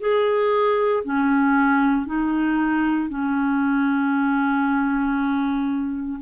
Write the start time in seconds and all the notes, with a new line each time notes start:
0.00 G#4
1.04 C#4
2.06 D#4
3.09 C#4